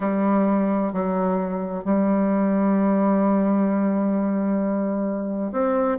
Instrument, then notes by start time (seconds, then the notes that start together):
bassoon
0.00 G3
0.92 F#3
1.84 G3
5.51 C4